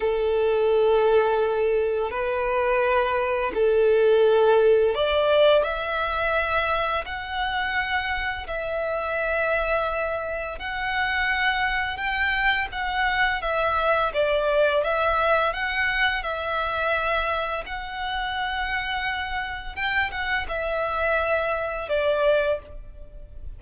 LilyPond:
\new Staff \with { instrumentName = "violin" } { \time 4/4 \tempo 4 = 85 a'2. b'4~ | b'4 a'2 d''4 | e''2 fis''2 | e''2. fis''4~ |
fis''4 g''4 fis''4 e''4 | d''4 e''4 fis''4 e''4~ | e''4 fis''2. | g''8 fis''8 e''2 d''4 | }